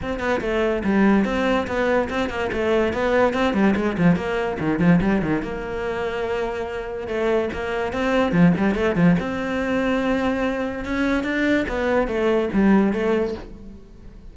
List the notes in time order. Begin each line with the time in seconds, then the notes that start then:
0.02 C4
0.19 B3
0.41 A3
0.83 G3
1.25 C4
1.67 B3
2.09 C4
2.29 A#3
2.52 A3
2.93 B3
3.33 C4
3.53 G3
3.76 G#3
3.97 F3
4.16 A#3
4.59 D#3
4.79 F3
5.01 G3
5.22 D#3
5.42 A#3
7.07 A3
7.53 A#3
7.93 C4
8.31 F3
8.57 G3
8.74 A3
8.95 F3
9.19 C4
10.84 C#4
11.23 D4
11.68 B3
12.07 A3
12.53 G3
12.92 A3